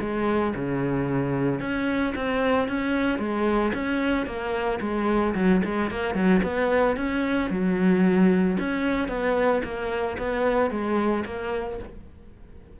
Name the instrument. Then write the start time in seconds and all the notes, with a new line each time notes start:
cello
0.00 G#3
0.55 C#3
1.60 C#4
2.15 C4
2.68 C#4
3.18 G#3
3.74 C#4
4.26 A#3
4.80 G#3
5.34 F#3
5.64 G#3
5.90 A#3
6.14 F#3
6.43 B3
6.96 C#4
7.50 F#3
8.59 C#4
9.08 B3
9.63 A#3
10.18 B3
10.70 G#3
11.25 A#3